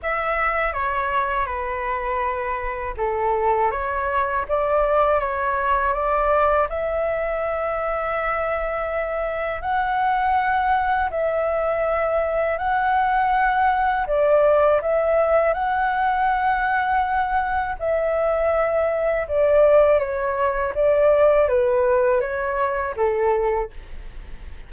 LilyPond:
\new Staff \with { instrumentName = "flute" } { \time 4/4 \tempo 4 = 81 e''4 cis''4 b'2 | a'4 cis''4 d''4 cis''4 | d''4 e''2.~ | e''4 fis''2 e''4~ |
e''4 fis''2 d''4 | e''4 fis''2. | e''2 d''4 cis''4 | d''4 b'4 cis''4 a'4 | }